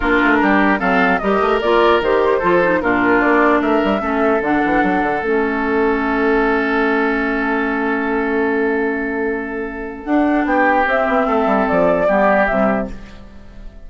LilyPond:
<<
  \new Staff \with { instrumentName = "flute" } { \time 4/4 \tempo 4 = 149 ais'2 f''4 dis''4 | d''4 c''2 ais'4 | d''4 e''2 fis''4~ | fis''4 e''2.~ |
e''1~ | e''1~ | e''4 fis''4 g''4 e''4~ | e''4 d''2 e''4 | }
  \new Staff \with { instrumentName = "oboe" } { \time 4/4 f'4 g'4 a'4 ais'4~ | ais'2 a'4 f'4~ | f'4 ais'4 a'2~ | a'1~ |
a'1~ | a'1~ | a'2 g'2 | a'2 g'2 | }
  \new Staff \with { instrumentName = "clarinet" } { \time 4/4 d'2 c'4 g'4 | f'4 g'4 f'8 dis'8 d'4~ | d'2 cis'4 d'4~ | d'4 cis'2.~ |
cis'1~ | cis'1~ | cis'4 d'2 c'4~ | c'2 b4 g4 | }
  \new Staff \with { instrumentName = "bassoon" } { \time 4/4 ais8 a8 g4 fis4 g8 a8 | ais4 dis4 f4 ais,4 | ais4 a8 g8 a4 d8 e8 | fis8 d8 a2.~ |
a1~ | a1~ | a4 d'4 b4 c'8 b8 | a8 g8 f4 g4 c4 | }
>>